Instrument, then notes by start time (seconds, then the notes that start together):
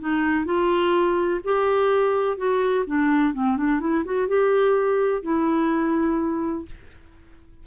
clarinet
0.00 D#4
0.45 F4
1.44 G4
2.37 F#4
2.87 D4
3.34 C4
3.57 D4
3.80 E4
4.05 F#4
4.28 G4
5.23 E4